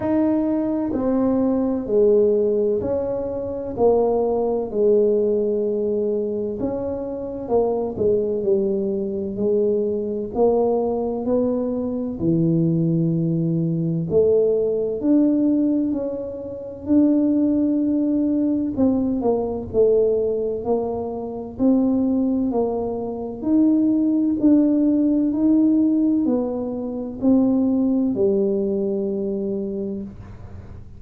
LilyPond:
\new Staff \with { instrumentName = "tuba" } { \time 4/4 \tempo 4 = 64 dis'4 c'4 gis4 cis'4 | ais4 gis2 cis'4 | ais8 gis8 g4 gis4 ais4 | b4 e2 a4 |
d'4 cis'4 d'2 | c'8 ais8 a4 ais4 c'4 | ais4 dis'4 d'4 dis'4 | b4 c'4 g2 | }